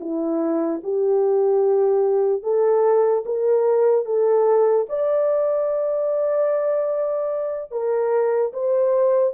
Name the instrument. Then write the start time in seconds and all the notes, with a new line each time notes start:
horn
0.00 E4
0.83 G4
2.42 A4
3.25 A#4
4.05 A4
4.89 D5
7.71 A#4
8.53 C5